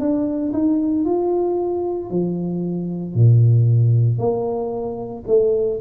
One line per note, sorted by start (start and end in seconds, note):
0.00 0.53 D4
0.53 1.05 D#4
1.05 2.11 F4
2.11 3.15 F3
3.15 4.19 A#2
4.19 5.24 A#3
5.27 5.80 A3